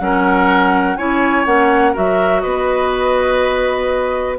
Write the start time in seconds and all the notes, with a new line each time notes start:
0.00 F#3 C#4 A#4 F#5
0.97 C#4 E4 C#5 G#5
1.46 A#3 C#4 F#5
1.93 F#3 F#4 A#4 E5
2.41 B3 B4 D#5